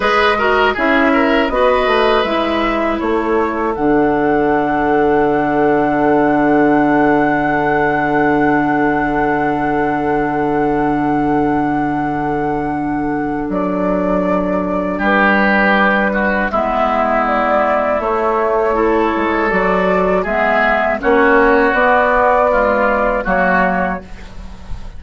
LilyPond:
<<
  \new Staff \with { instrumentName = "flute" } { \time 4/4 \tempo 4 = 80 dis''4 e''4 dis''4 e''4 | cis''4 fis''2.~ | fis''1~ | fis''1~ |
fis''2 d''2 | b'2 e''4 d''4 | cis''2 d''4 e''4 | cis''4 d''2 cis''4 | }
  \new Staff \with { instrumentName = "oboe" } { \time 4/4 b'8 ais'8 gis'8 ais'8 b'2 | a'1~ | a'1~ | a'1~ |
a'1 | g'4. fis'8 e'2~ | e'4 a'2 gis'4 | fis'2 f'4 fis'4 | }
  \new Staff \with { instrumentName = "clarinet" } { \time 4/4 gis'8 fis'8 e'4 fis'4 e'4~ | e'4 d'2.~ | d'1~ | d'1~ |
d'1~ | d'2 b2 | a4 e'4 fis'4 b4 | cis'4 b4 gis4 ais4 | }
  \new Staff \with { instrumentName = "bassoon" } { \time 4/4 gis4 cis'4 b8 a8 gis4 | a4 d2.~ | d1~ | d1~ |
d2 fis2 | g2 gis2 | a4. gis8 fis4 gis4 | ais4 b2 fis4 | }
>>